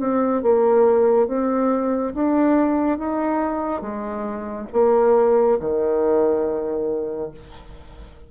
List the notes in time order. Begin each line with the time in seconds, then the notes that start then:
0.00 C4
0.42 A#3
1.28 C4
2.15 D4
2.98 D#4
3.81 G#3
4.73 A#3
5.60 D#3